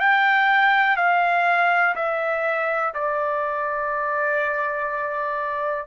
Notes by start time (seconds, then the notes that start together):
0.00 G5
0.97 F5
1.95 E5
2.94 D5